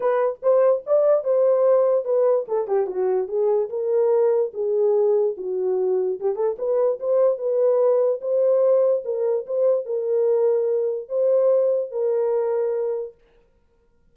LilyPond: \new Staff \with { instrumentName = "horn" } { \time 4/4 \tempo 4 = 146 b'4 c''4 d''4 c''4~ | c''4 b'4 a'8 g'8 fis'4 | gis'4 ais'2 gis'4~ | gis'4 fis'2 g'8 a'8 |
b'4 c''4 b'2 | c''2 ais'4 c''4 | ais'2. c''4~ | c''4 ais'2. | }